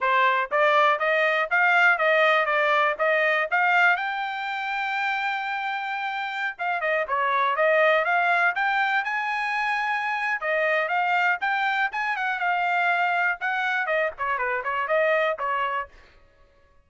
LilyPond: \new Staff \with { instrumentName = "trumpet" } { \time 4/4 \tempo 4 = 121 c''4 d''4 dis''4 f''4 | dis''4 d''4 dis''4 f''4 | g''1~ | g''4~ g''16 f''8 dis''8 cis''4 dis''8.~ |
dis''16 f''4 g''4 gis''4.~ gis''16~ | gis''4 dis''4 f''4 g''4 | gis''8 fis''8 f''2 fis''4 | dis''8 cis''8 b'8 cis''8 dis''4 cis''4 | }